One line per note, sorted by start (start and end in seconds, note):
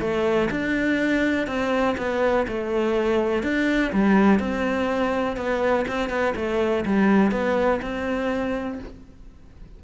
0.00 0.49 A3
0.50 1.47 D4
1.47 1.96 C4
1.97 2.46 B3
2.48 3.43 A3
3.43 3.92 D4
3.92 4.39 G3
4.39 5.37 C4
5.37 5.85 B3
5.88 6.09 C4
6.09 6.34 B3
6.35 6.84 A3
6.85 7.31 G3
7.31 7.80 B3
7.82 8.79 C4